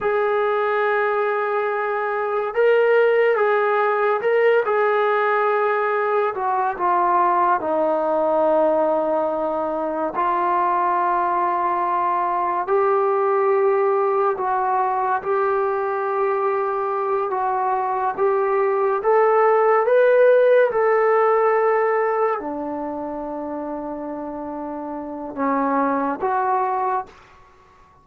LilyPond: \new Staff \with { instrumentName = "trombone" } { \time 4/4 \tempo 4 = 71 gis'2. ais'4 | gis'4 ais'8 gis'2 fis'8 | f'4 dis'2. | f'2. g'4~ |
g'4 fis'4 g'2~ | g'8 fis'4 g'4 a'4 b'8~ | b'8 a'2 d'4.~ | d'2 cis'4 fis'4 | }